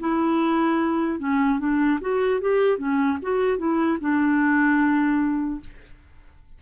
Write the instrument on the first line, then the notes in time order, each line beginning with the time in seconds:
clarinet
0.00 E4
1.19 C#4
1.60 D4
2.01 F#4
2.41 G4
2.79 C#4
3.22 F#4
3.59 E4
4.01 D4